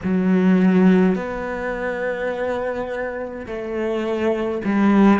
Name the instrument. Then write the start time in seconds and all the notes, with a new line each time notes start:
cello
0.03 F#3
1.15 B3
3.46 A3
4.65 G3